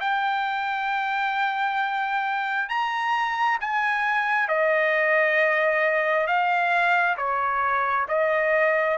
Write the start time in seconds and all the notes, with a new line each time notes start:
0.00 G5
2.69 A#5
3.60 G#5
4.48 D#5
6.26 F5
7.17 C#5
8.08 D#5